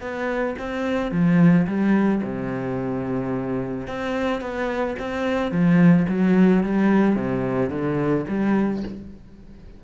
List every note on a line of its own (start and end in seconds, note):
0.00 0.55 B3
0.58 1.11 C4
1.11 1.66 F3
1.66 2.21 G3
2.23 3.87 C3
3.87 4.41 C4
4.41 4.96 B3
4.99 5.51 C4
5.51 6.06 F3
6.08 6.63 F#3
6.63 7.15 G3
7.15 7.70 C3
7.70 8.25 D3
8.28 8.83 G3